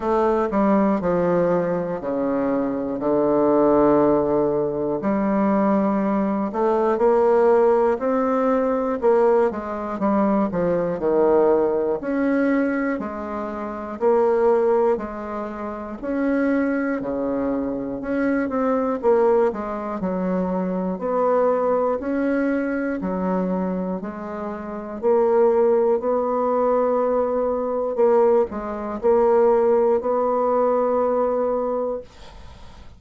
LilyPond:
\new Staff \with { instrumentName = "bassoon" } { \time 4/4 \tempo 4 = 60 a8 g8 f4 cis4 d4~ | d4 g4. a8 ais4 | c'4 ais8 gis8 g8 f8 dis4 | cis'4 gis4 ais4 gis4 |
cis'4 cis4 cis'8 c'8 ais8 gis8 | fis4 b4 cis'4 fis4 | gis4 ais4 b2 | ais8 gis8 ais4 b2 | }